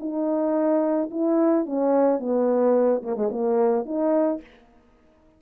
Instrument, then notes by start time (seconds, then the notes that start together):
horn
0.00 D#4
1.11 E4
1.66 C#4
2.19 B3
3.03 A#3
3.16 G#3
3.32 A#3
3.86 D#4